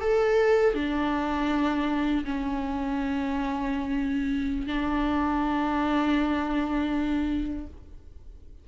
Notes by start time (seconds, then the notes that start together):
0.00 A4
0.74 D4
2.24 C#4
4.66 D4